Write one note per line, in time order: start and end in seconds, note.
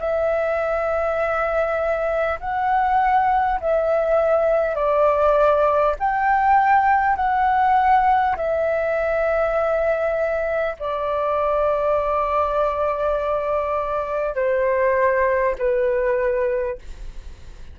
0.00 2.40 E5
2.41 3.61 F#5
3.61 4.76 E5
4.76 5.96 D5
5.99 7.17 G5
7.17 8.37 F#5
8.37 10.77 E5
10.79 14.36 D5
14.36 15.56 C5
15.59 16.79 B4